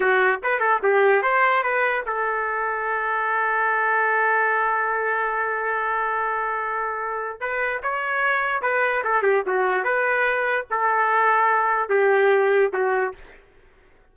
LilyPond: \new Staff \with { instrumentName = "trumpet" } { \time 4/4 \tempo 4 = 146 fis'4 b'8 a'8 g'4 c''4 | b'4 a'2.~ | a'1~ | a'1~ |
a'2 b'4 cis''4~ | cis''4 b'4 a'8 g'8 fis'4 | b'2 a'2~ | a'4 g'2 fis'4 | }